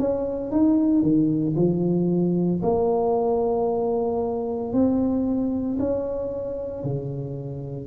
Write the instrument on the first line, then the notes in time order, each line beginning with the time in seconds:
tuba
0.00 C#4
0.52 D#4
1.02 D#3
1.56 F3
2.63 A#3
4.73 C4
5.80 C#4
6.84 C#3